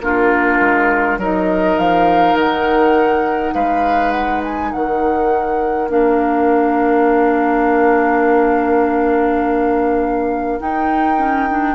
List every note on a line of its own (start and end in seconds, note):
0.00 0.59 A#3
0.00 1.19 D4
0.00 1.18 F4
0.00 1.19 A#4
0.60 1.17 G#3
1.17 1.76 F#3
1.17 5.89 D#4
1.17 3.54 A#4
1.17 1.78 D#5
1.78 2.34 F3
1.78 2.37 F5
2.34 3.51 D#3
2.34 3.54 F#5
3.54 4.72 G#3
3.54 4.71 B4
3.54 4.11 F5
4.11 4.40 F#5
4.43 4.72 G#5
4.71 5.89 D#3
4.71 11.74 A#4
4.71 5.89 F#5
5.89 10.60 A#3
5.89 10.59 D4
5.89 10.60 F5
10.59 11.18 D#4
10.59 11.74 D#4
10.59 11.74 G5
11.18 11.48 C#4
11.50 11.74 D4